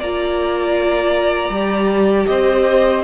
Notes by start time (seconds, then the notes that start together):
0.00 A#3 F4 D5 A#5
1.49 G3 G4
2.27 C4 C5 D#5